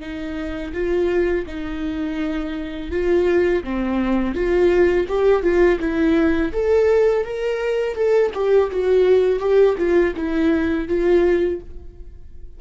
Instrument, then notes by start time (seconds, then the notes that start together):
viola
0.00 D#4
0.73 F4
1.47 D#4
2.91 F4
3.64 C4
4.34 F4
5.08 G4
5.42 F4
5.80 E4
6.53 A4
7.25 A#4
7.95 A4
8.34 G4
8.71 F#4
9.39 G4
9.78 F4
10.16 E4
10.88 F4